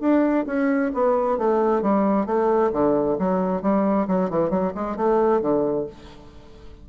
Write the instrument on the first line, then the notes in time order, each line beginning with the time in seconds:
bassoon
0.00 D4
0.46 C#4
0.94 B3
1.38 A3
1.82 G3
2.26 A3
2.72 D3
3.19 F#3
3.62 G3
4.07 F#3
4.30 E3
4.50 F#3
4.75 G#3
4.96 A3
5.41 D3